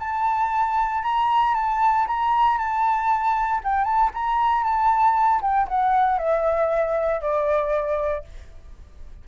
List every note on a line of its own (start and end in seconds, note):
0.00 1.03 A5
1.03 1.55 A#5
1.55 2.07 A5
2.08 2.58 A#5
2.58 3.62 A5
3.64 3.85 G5
3.85 4.11 A5
4.14 4.64 A#5
4.64 5.41 A5
5.42 5.68 G5
5.68 6.19 F#5
6.19 7.21 E5
7.21 8.25 D5